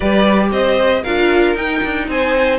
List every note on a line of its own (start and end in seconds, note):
0.00 0.51 G3
0.00 1.04 G4
0.00 0.49 B4
0.00 0.51 D5
0.51 1.03 C4
0.51 1.02 C5
0.51 1.03 D#5
1.02 1.54 D4
1.02 1.57 F4
1.02 2.06 A#4
1.02 1.56 F5
1.54 1.80 D#4
1.54 2.58 D#4
1.54 2.08 G5
1.83 2.08 D4
2.08 2.58 C4
2.08 2.58 C5
2.08 2.58 G#5